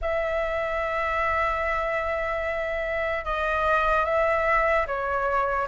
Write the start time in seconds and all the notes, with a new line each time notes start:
0.01 E5
3.24 D#5
4.05 E5
4.86 C#5